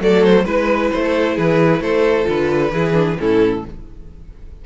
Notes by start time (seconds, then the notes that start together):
0.00 F#3 A3 A4 D5
0.24 C5
0.45 G#3 E4 B4
0.92 A3 C5
1.04 A4
1.35 E3 G#4 B4
1.80 A3 A4 C5
2.25 D3 F4 B4
2.72 E3 E4 G#4
2.93 D4
3.19 A2 C#4 E4 A4